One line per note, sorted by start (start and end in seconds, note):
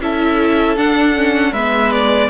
0.00 0.77 C#4
0.00 0.77 E4
0.00 1.52 A4
0.00 0.77 E5
0.77 1.15 D4
0.77 1.52 D4
0.77 1.53 F#5
1.15 1.53 C#4
1.52 2.29 G#3
1.52 2.30 B3
1.52 2.29 B4
1.52 1.91 E5
1.91 2.30 D5